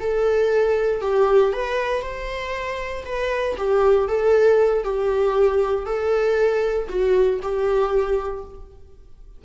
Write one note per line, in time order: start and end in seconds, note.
0.00 1.01 A4
1.01 1.52 G4
1.53 2.02 B4
2.02 3.04 C5
3.05 3.56 B4
3.57 4.08 G4
4.08 4.84 A4
4.84 5.86 G4
5.86 6.88 A4
6.89 7.40 F#4
7.42 8.45 G4